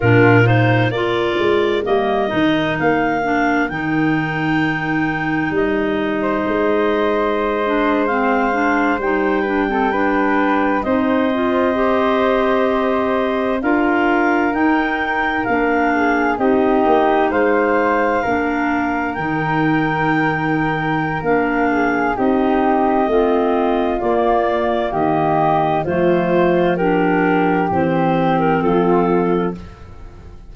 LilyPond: <<
  \new Staff \with { instrumentName = "clarinet" } { \time 4/4 \tempo 4 = 65 ais'8 c''8 d''4 dis''4 f''4 | g''2 dis''2~ | dis''8. f''4 g''2 dis''16~ | dis''2~ dis''8. f''4 g''16~ |
g''8. f''4 dis''4 f''4~ f''16~ | f''8. g''2~ g''16 f''4 | dis''2 d''4 dis''4 | c''4 ais'4 c''8. ais'16 a'4 | }
  \new Staff \with { instrumentName = "flute" } { \time 4/4 f'4 ais'2.~ | ais'2~ ais'8. c''4~ c''16~ | c''2~ c''16 b'16 a'16 b'4 c''16~ | c''2~ c''8. ais'4~ ais'16~ |
ais'4~ ais'16 gis'8 g'4 c''4 ais'16~ | ais'2.~ ais'8 gis'8 | g'4 f'2 g'4 | f'4 g'2 f'4 | }
  \new Staff \with { instrumentName = "clarinet" } { \time 4/4 d'8 dis'8 f'4 ais8 dis'4 d'8 | dis'1~ | dis'16 d'8 c'8 d'8 dis'8 d'16 c'16 d'4 dis'16~ | dis'16 f'8 g'2 f'4 dis'16~ |
dis'8. d'4 dis'2 d'16~ | d'8. dis'2~ dis'16 d'4 | dis'4 c'4 ais2 | a4 d'4 c'2 | }
  \new Staff \with { instrumentName = "tuba" } { \time 4/4 ais,4 ais8 gis8 g8 dis8 ais4 | dis2 g4 gis4~ | gis4.~ gis16 g2 c'16~ | c'2~ c'8. d'4 dis'16~ |
dis'8. ais4 c'8 ais8 gis4 ais16~ | ais8. dis2~ dis16 ais4 | c'4 a4 ais4 dis4 | f2 e4 f4 | }
>>